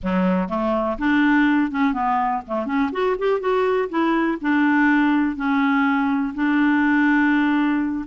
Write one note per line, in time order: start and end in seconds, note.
0.02 0.48 F#3
0.48 0.97 A3
0.98 1.71 D4
1.71 1.93 C#4
1.93 2.42 B3
2.47 2.66 A3
2.66 2.90 C#4
2.92 3.16 F#4
3.18 3.39 G4
3.39 3.88 F#4
3.89 4.38 E4
4.41 5.36 D4
5.36 6.33 C#4
6.34 8.05 D4